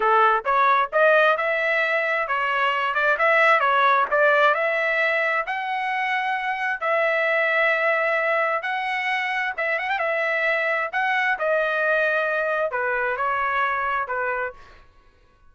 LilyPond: \new Staff \with { instrumentName = "trumpet" } { \time 4/4 \tempo 4 = 132 a'4 cis''4 dis''4 e''4~ | e''4 cis''4. d''8 e''4 | cis''4 d''4 e''2 | fis''2. e''4~ |
e''2. fis''4~ | fis''4 e''8 fis''16 g''16 e''2 | fis''4 dis''2. | b'4 cis''2 b'4 | }